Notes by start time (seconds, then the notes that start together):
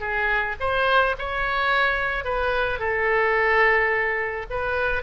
0.00 G#4
0.60 C5
1.18 C#5
2.24 B4
2.79 A4
4.50 B4